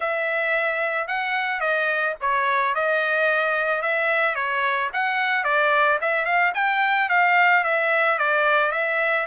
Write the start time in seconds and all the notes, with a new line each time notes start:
0.00 E5
1.07 F#5
1.60 D#5
2.20 C#5
2.74 D#5
3.82 E5
4.35 C#5
4.93 F#5
5.44 D5
6.01 E5
6.25 F5
6.54 G5
7.09 F5
7.63 E5
8.18 D5
8.71 E5